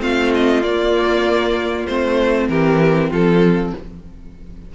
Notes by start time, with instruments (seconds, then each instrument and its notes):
0.00 cello A3, viola C4, violin F4 F5
0.35 violin D#5
0.63 cello A#3, viola A#3, violin D5
1.87 cello A3, viola C4, violin C5
2.49 cello E3, violin G4 A#4
3.11 cello F3, violin F4 A4